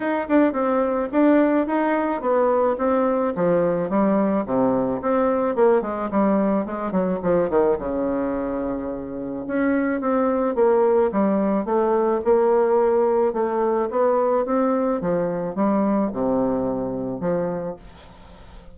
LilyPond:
\new Staff \with { instrumentName = "bassoon" } { \time 4/4 \tempo 4 = 108 dis'8 d'8 c'4 d'4 dis'4 | b4 c'4 f4 g4 | c4 c'4 ais8 gis8 g4 | gis8 fis8 f8 dis8 cis2~ |
cis4 cis'4 c'4 ais4 | g4 a4 ais2 | a4 b4 c'4 f4 | g4 c2 f4 | }